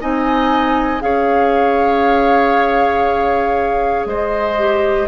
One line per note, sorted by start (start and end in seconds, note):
0.00 1.02 C4
0.00 1.00 D#4
0.00 1.02 D#5
0.00 1.01 G#5
1.00 4.05 C#4
1.00 4.56 G#4
1.00 4.08 C#5
1.00 4.06 F5
4.05 5.07 G#3
4.05 5.08 C5
4.05 5.08 D#5
4.58 5.08 G4